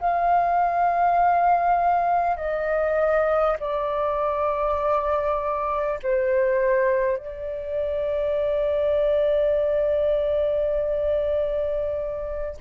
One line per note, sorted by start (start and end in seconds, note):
0.00 2.37 F5
2.37 3.57 D#5
3.60 6.00 D5
6.03 7.17 C5
7.17 12.57 D5